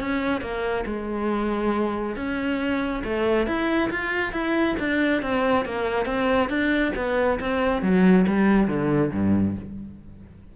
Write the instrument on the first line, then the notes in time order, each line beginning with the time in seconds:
cello
0.00 C#4
0.41 A#3
0.85 G#3
2.16 C#4
3.04 A3
3.46 E4
3.90 F4
4.32 E4
4.79 D4
5.22 C4
5.65 A#3
6.06 C4
6.49 D4
6.96 B3
7.40 C4
7.82 F#3
8.27 G3
8.68 D3
9.12 G2